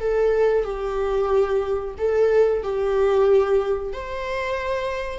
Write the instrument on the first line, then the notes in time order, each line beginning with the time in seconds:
viola
0.00 A4
0.64 G4
1.97 A4
2.63 G4
3.92 C5